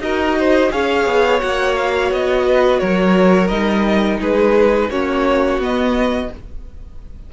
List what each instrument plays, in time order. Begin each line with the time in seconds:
0.00 cello D#4, viola F#4, violin A#4 D#5
0.39 violin C5
0.71 cello C#4, viola G#4, violin C#5 F5
1.06 cello B3
1.40 cello A#3, viola F#4, violin F#5
1.76 violin F5
2.11 cello B3, violin D#5
2.46 violin B4
2.79 cello F#3, violin A#4 C#5
3.48 cello G3, viola D#4, violin D#5
4.20 cello G#3, violin G#4 B4
4.90 cello A#3, viola C#4, violin F#4 C#5
5.58 cello B3, viola B3, violin D#5